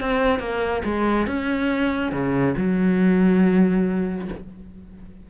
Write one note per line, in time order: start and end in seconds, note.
0.00 0.39 C4
0.39 0.82 A#3
0.84 1.26 G#3
1.26 2.12 C#4
2.12 2.54 C#3
2.57 4.28 F#3